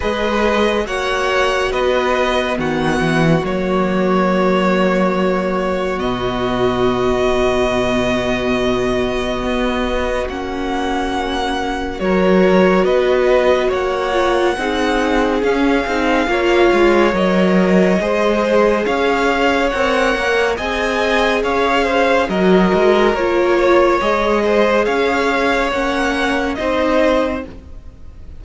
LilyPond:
<<
  \new Staff \with { instrumentName = "violin" } { \time 4/4 \tempo 4 = 70 dis''4 fis''4 dis''4 fis''4 | cis''2. dis''4~ | dis''1 | fis''2 cis''4 dis''4 |
fis''2 f''2 | dis''2 f''4 fis''4 | gis''4 f''4 dis''4 cis''4 | dis''4 f''4 fis''4 dis''4 | }
  \new Staff \with { instrumentName = "violin" } { \time 4/4 b'4 cis''4 b'4 fis'4~ | fis'1~ | fis'1~ | fis'2 ais'4 b'4 |
cis''4 gis'2 cis''4~ | cis''4 c''4 cis''2 | dis''4 cis''8 c''8 ais'4. cis''8~ | cis''8 c''8 cis''2 c''4 | }
  \new Staff \with { instrumentName = "viola" } { \time 4/4 gis'4 fis'2 b4 | ais2. b4~ | b1 | cis'2 fis'2~ |
fis'8 f'8 dis'4 cis'8 dis'8 f'4 | ais'4 gis'2 ais'4 | gis'2 fis'4 f'4 | gis'2 cis'4 dis'4 | }
  \new Staff \with { instrumentName = "cello" } { \time 4/4 gis4 ais4 b4 dis8 e8 | fis2. b,4~ | b,2. b4 | ais2 fis4 b4 |
ais4 c'4 cis'8 c'8 ais8 gis8 | fis4 gis4 cis'4 c'8 ais8 | c'4 cis'4 fis8 gis8 ais4 | gis4 cis'4 ais4 c'4 | }
>>